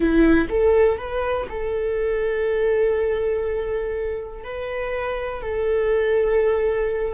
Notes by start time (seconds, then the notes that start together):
0.00 E4
0.49 A4
0.97 B4
1.49 A4
4.44 B4
5.41 A4